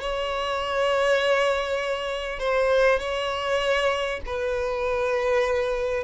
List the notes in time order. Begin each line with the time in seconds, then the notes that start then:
0.00 C#5
2.39 C5
2.99 C#5
4.26 B4